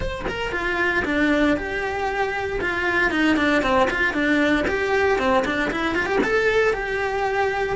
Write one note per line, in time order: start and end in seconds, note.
0.00 0.24 C5
0.28 0.52 A#4
0.52 1.03 F4
1.05 1.56 D4
1.56 2.60 G4
2.61 3.11 F4
3.11 3.36 D#4
3.36 3.62 D4
3.62 3.88 C4
3.90 4.13 F4
4.13 4.65 D4
4.67 5.18 G4
5.18 5.44 C4
5.45 5.70 D4
5.71 5.94 E4
5.94 6.06 F4
6.06 6.19 G4
6.23 6.73 A4
6.73 7.76 G4